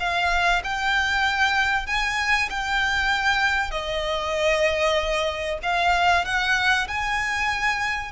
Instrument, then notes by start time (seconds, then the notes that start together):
violin
0.00 F5
0.64 G5
1.87 G#5
2.50 G5
3.71 D#5
5.63 F5
6.25 F#5
6.88 G#5